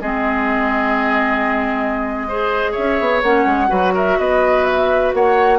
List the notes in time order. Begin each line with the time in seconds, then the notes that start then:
0.00 G#3 C4 G#4 D#5
2.28 G#4 C5
2.71 C#5 E5
2.77 C#4
3.00 B3
3.22 A#3 C#4 F#5
3.45 G#3
3.68 F#3 F#4 B4
3.94 A#4 E5
4.18 B3 B4 D#5
4.64 E5
5.13 A#3 C#5 F#5